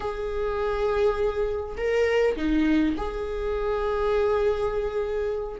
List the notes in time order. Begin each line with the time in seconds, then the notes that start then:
0.00 G#4
1.77 A#4
2.36 D#4
2.97 G#4